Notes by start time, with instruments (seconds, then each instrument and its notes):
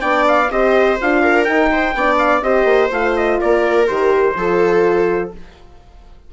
0.00 bassoon B3, horn D4, viola D5, trumpet G5
0.28 trumpet F5
0.51 bassoon C4, horn G4, viola C5, trumpet D#5
1.01 bassoon D4, horn F4, trumpet F5
1.23 viola A#4
1.44 horn D#4, bassoon D#4, trumpet G5
1.71 viola C5
1.95 bassoon B3, horn D4, viola D5
2.18 trumpet F5
2.42 bassoon C4, horn G4, viola C5, trumpet D#5
2.65 bassoon A#3
2.91 bassoon A3, horn F4, trumpet F5
3.16 trumpet D#5
3.40 bassoon A#3, viola A#4, trumpet D5
3.88 bassoon D#3, horn G4, trumpet C5
4.36 bassoon F3, horn F4, viola A4